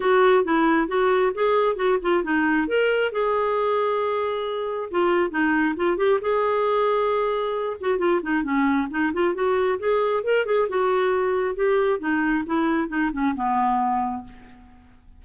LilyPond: \new Staff \with { instrumentName = "clarinet" } { \time 4/4 \tempo 4 = 135 fis'4 e'4 fis'4 gis'4 | fis'8 f'8 dis'4 ais'4 gis'4~ | gis'2. f'4 | dis'4 f'8 g'8 gis'2~ |
gis'4. fis'8 f'8 dis'8 cis'4 | dis'8 f'8 fis'4 gis'4 ais'8 gis'8 | fis'2 g'4 dis'4 | e'4 dis'8 cis'8 b2 | }